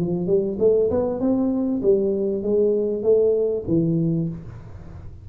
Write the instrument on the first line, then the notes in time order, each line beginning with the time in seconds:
tuba
0.00 F3
0.27 G3
0.60 A3
0.91 B3
1.20 C4
1.83 G3
2.43 G#3
3.03 A3
3.68 E3